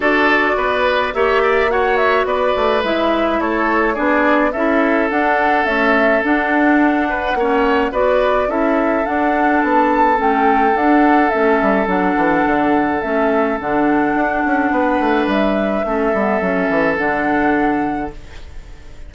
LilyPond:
<<
  \new Staff \with { instrumentName = "flute" } { \time 4/4 \tempo 4 = 106 d''2 e''4 fis''8 e''8 | d''4 e''4 cis''4 d''4 | e''4 fis''4 e''4 fis''4~ | fis''2 d''4 e''4 |
fis''4 a''4 g''4 fis''4 | e''4 fis''2 e''4 | fis''2. e''4~ | e''2 fis''2 | }
  \new Staff \with { instrumentName = "oboe" } { \time 4/4 a'4 b'4 cis''8 d''8 cis''4 | b'2 a'4 gis'4 | a'1~ | a'8 b'8 cis''4 b'4 a'4~ |
a'1~ | a'1~ | a'2 b'2 | a'1 | }
  \new Staff \with { instrumentName = "clarinet" } { \time 4/4 fis'2 g'4 fis'4~ | fis'4 e'2 d'4 | e'4 d'4 a4 d'4~ | d'4 cis'4 fis'4 e'4 |
d'2 cis'4 d'4 | cis'4 d'2 cis'4 | d'1 | cis'8 b8 cis'4 d'2 | }
  \new Staff \with { instrumentName = "bassoon" } { \time 4/4 d'4 b4 ais2 | b8 a8 gis4 a4 b4 | cis'4 d'4 cis'4 d'4~ | d'4 ais4 b4 cis'4 |
d'4 b4 a4 d'4 | a8 g8 fis8 e8 d4 a4 | d4 d'8 cis'8 b8 a8 g4 | a8 g8 fis8 e8 d2 | }
>>